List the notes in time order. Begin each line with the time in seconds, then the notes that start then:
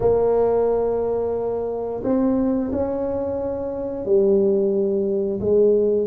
0.00 A#3
2.03 C4
2.72 C#4
4.05 G3
5.40 G#3